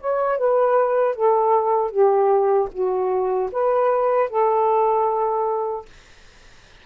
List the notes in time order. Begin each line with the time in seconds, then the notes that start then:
0.00 C#5
0.38 B4
1.15 A4
1.91 G4
2.72 F#4
3.52 B4
4.30 A4